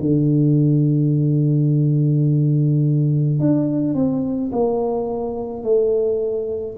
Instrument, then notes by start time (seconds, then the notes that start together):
tuba
0.00 D3
3.40 D4
3.94 C4
4.52 A#3
5.63 A3